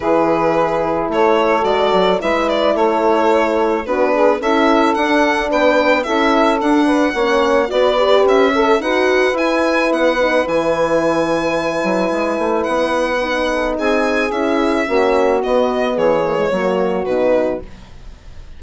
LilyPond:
<<
  \new Staff \with { instrumentName = "violin" } { \time 4/4 \tempo 4 = 109 b'2 cis''4 d''4 | e''8 d''8 cis''2 b'4 | e''4 fis''4 g''4 e''4 | fis''2 d''4 e''4 |
fis''4 gis''4 fis''4 gis''4~ | gis''2. fis''4~ | fis''4 gis''4 e''2 | dis''4 cis''2 b'4 | }
  \new Staff \with { instrumentName = "saxophone" } { \time 4/4 gis'2 a'2 | b'4 a'2 fis'8 gis'8 | a'2 b'4 a'4~ | a'8 b'8 cis''4 b'4. a'8 |
b'1~ | b'1~ | b'8 a'8 gis'2 fis'4~ | fis'4 gis'4 fis'2 | }
  \new Staff \with { instrumentName = "horn" } { \time 4/4 e'2. fis'4 | e'2. d'4 | e'4 d'2 e'4 | d'4 cis'4 fis'8 g'4 a'8 |
fis'4 e'4. dis'8 e'4~ | e'1 | dis'2 e'4 cis'4 | b4. ais16 gis16 ais4 dis'4 | }
  \new Staff \with { instrumentName = "bassoon" } { \time 4/4 e2 a4 gis8 fis8 | gis4 a2 b4 | cis'4 d'4 b4 cis'4 | d'4 ais4 b4 cis'4 |
dis'4 e'4 b4 e4~ | e4. fis8 gis8 a8 b4~ | b4 c'4 cis'4 ais4 | b4 e4 fis4 b,4 | }
>>